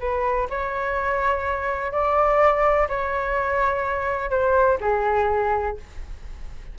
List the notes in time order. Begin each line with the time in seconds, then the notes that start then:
0.00 B4
0.50 C#5
1.92 D5
2.89 C#5
4.30 C5
4.81 G#4